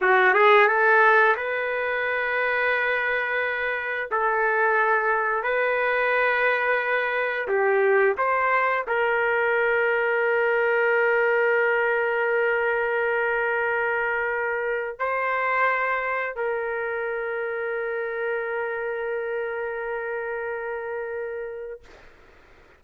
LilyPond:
\new Staff \with { instrumentName = "trumpet" } { \time 4/4 \tempo 4 = 88 fis'8 gis'8 a'4 b'2~ | b'2 a'2 | b'2. g'4 | c''4 ais'2.~ |
ais'1~ | ais'2 c''2 | ais'1~ | ais'1 | }